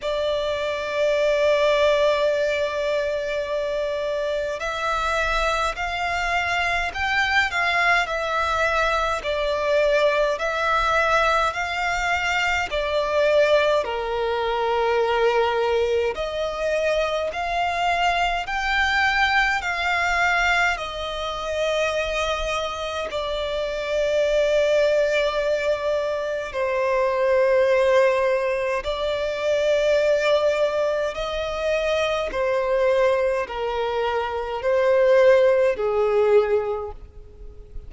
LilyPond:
\new Staff \with { instrumentName = "violin" } { \time 4/4 \tempo 4 = 52 d''1 | e''4 f''4 g''8 f''8 e''4 | d''4 e''4 f''4 d''4 | ais'2 dis''4 f''4 |
g''4 f''4 dis''2 | d''2. c''4~ | c''4 d''2 dis''4 | c''4 ais'4 c''4 gis'4 | }